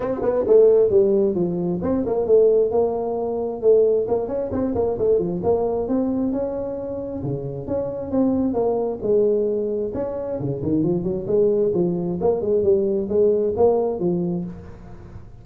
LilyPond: \new Staff \with { instrumentName = "tuba" } { \time 4/4 \tempo 4 = 133 c'8 b8 a4 g4 f4 | c'8 ais8 a4 ais2 | a4 ais8 cis'8 c'8 ais8 a8 f8 | ais4 c'4 cis'2 |
cis4 cis'4 c'4 ais4 | gis2 cis'4 cis8 dis8 | f8 fis8 gis4 f4 ais8 gis8 | g4 gis4 ais4 f4 | }